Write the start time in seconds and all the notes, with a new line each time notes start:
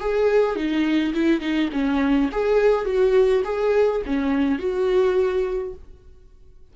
0.00 G#4
0.56 D#4
1.14 E4
1.40 D#4
1.72 C#4
2.32 G#4
2.85 F#4
3.44 G#4
4.06 C#4
4.58 F#4